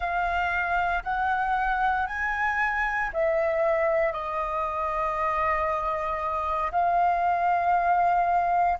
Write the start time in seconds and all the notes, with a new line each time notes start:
0.00 F5
1.03 F#5
2.06 G#5
3.13 E5
4.12 D#5
6.71 F5